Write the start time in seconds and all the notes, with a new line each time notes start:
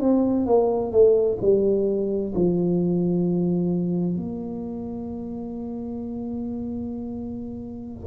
0.00 C4
0.46 A#3
0.91 A3
1.41 G3
2.35 F3
4.17 A#3